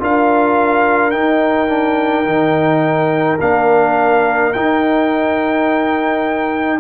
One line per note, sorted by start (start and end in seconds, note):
0.00 1.13 D4
0.00 1.13 F4
0.00 6.80 A#4
0.00 1.11 F5
1.11 1.68 D#4
1.11 2.26 D#4
1.11 3.38 G5
1.68 2.25 D4
2.25 3.39 D#3
2.25 3.39 D#4
3.41 4.54 A#3
3.41 4.55 D4
3.41 4.53 F5
4.53 6.80 D#4
4.53 6.80 G5